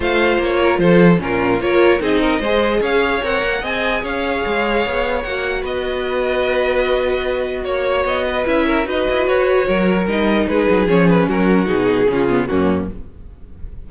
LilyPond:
<<
  \new Staff \with { instrumentName = "violin" } { \time 4/4 \tempo 4 = 149 f''4 cis''4 c''4 ais'4 | cis''4 dis''2 f''4 | fis''4 gis''4 f''2~ | f''4 fis''4 dis''2~ |
dis''2. cis''4 | dis''4 e''4 dis''4 cis''4~ | cis''4 dis''4 b'4 cis''8 b'8 | ais'4 gis'2 fis'4 | }
  \new Staff \with { instrumentName = "violin" } { \time 4/4 c''4. ais'8 a'4 f'4 | ais'4 gis'8 ais'8 c''4 cis''4~ | cis''4 dis''4 cis''2~ | cis''2 b'2~ |
b'2. cis''4~ | cis''8 b'4 ais'8 b'2 | ais'2 gis'2 | fis'2 f'4 cis'4 | }
  \new Staff \with { instrumentName = "viola" } { \time 4/4 f'2. cis'4 | f'4 dis'4 gis'2 | ais'4 gis'2.~ | gis'4 fis'2.~ |
fis'1~ | fis'4 e'4 fis'2~ | fis'4 dis'2 cis'4~ | cis'4 dis'4 cis'8 b8 ais4 | }
  \new Staff \with { instrumentName = "cello" } { \time 4/4 a4 ais4 f4 ais,4 | ais4 c'4 gis4 cis'4 | c'8 ais8 c'4 cis'4 gis4 | b4 ais4 b2~ |
b2. ais4 | b4 cis'4 dis'8 e'8 fis'4 | fis4 g4 gis8 fis8 f4 | fis4 b,4 cis4 fis,4 | }
>>